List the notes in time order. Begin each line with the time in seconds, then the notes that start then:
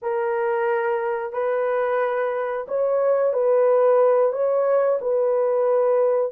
0.02 A#4
1.32 B4
2.68 C#5
3.33 B4
4.32 C#5
5.01 B4